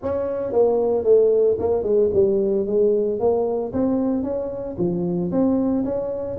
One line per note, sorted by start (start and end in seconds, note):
0.02 0.52 C#4
0.52 1.04 A#3
1.04 1.57 A3
1.59 1.83 A#3
1.83 2.09 G#3
2.13 2.66 G3
2.66 3.19 G#3
3.19 3.72 A#3
3.72 4.23 C4
4.23 4.76 C#4
4.78 5.31 F3
5.31 5.84 C4
5.84 6.37 C#4